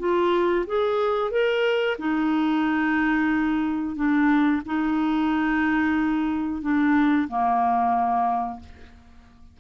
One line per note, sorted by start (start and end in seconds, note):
0.00 0.66 F4
0.67 1.31 G#4
1.31 1.97 A#4
1.99 3.96 D#4
3.96 4.62 D4
4.66 6.62 D#4
6.62 7.28 D4
7.29 8.60 A#3